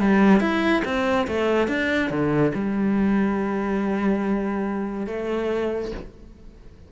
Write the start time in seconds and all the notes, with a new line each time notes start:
0.00 G3
0.41 E4
0.85 C4
1.28 A3
1.68 D4
2.10 D3
2.55 G3
5.07 A3